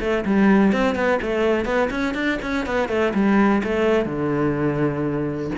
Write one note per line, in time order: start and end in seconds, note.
0.00 0.24 A3
0.25 0.72 G3
0.72 0.95 C4
0.95 1.19 B3
1.22 1.65 A3
1.65 1.89 B3
1.90 2.14 C#4
2.14 2.38 D4
2.42 2.66 C#4
2.66 2.89 B3
2.89 3.13 A3
3.14 3.62 G3
3.64 4.05 A3
4.05 5.51 D3